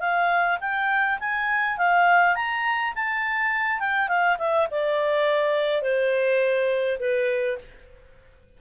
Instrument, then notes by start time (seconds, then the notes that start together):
clarinet
0.00 F5
0.61 G5
1.20 G#5
1.78 F5
2.35 A#5
2.95 A5
3.80 G5
4.08 F5
4.38 E5
4.71 D5
5.82 C5
7.00 B4